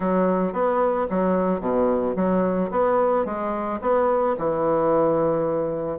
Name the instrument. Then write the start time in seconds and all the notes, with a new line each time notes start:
bassoon
0.00 F#3
0.52 B3
1.10 F#3
1.60 B2
2.15 F#3
2.70 B3
3.25 G#3
3.81 B3
4.37 E3